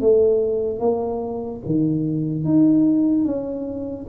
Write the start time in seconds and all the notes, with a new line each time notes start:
0.00 A3
0.79 A#3
1.65 D#3
2.44 D#4
3.25 C#4